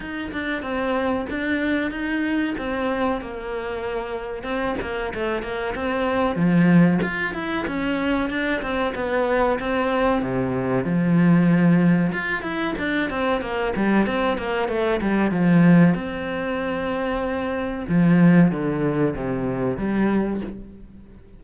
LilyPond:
\new Staff \with { instrumentName = "cello" } { \time 4/4 \tempo 4 = 94 dis'8 d'8 c'4 d'4 dis'4 | c'4 ais2 c'8 ais8 | a8 ais8 c'4 f4 f'8 e'8 | cis'4 d'8 c'8 b4 c'4 |
c4 f2 f'8 e'8 | d'8 c'8 ais8 g8 c'8 ais8 a8 g8 | f4 c'2. | f4 d4 c4 g4 | }